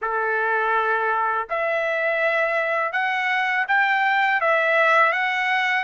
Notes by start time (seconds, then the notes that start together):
0.01 A4
1.49 E5
2.92 F#5
3.68 G5
4.40 E5
5.12 F#5